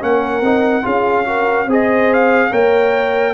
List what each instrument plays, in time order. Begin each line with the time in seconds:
0.00 tuba A#3, trombone C#4, horn A#4, trumpet F#5
0.41 tuba C4, trombone D#4
0.82 tuba C#4, trombone F4, horn G#4, trumpet F5
1.24 trombone F#4, horn A#4
1.66 tuba C4, trombone G#4, horn C5, trumpet D#5
2.13 trumpet F5
2.50 tuba A#3, trombone A#4, horn C#5, trumpet G5